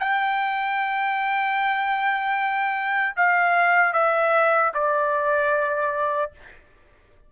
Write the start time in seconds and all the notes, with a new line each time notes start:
0.00 G5
3.17 F5
3.94 E5
4.74 D5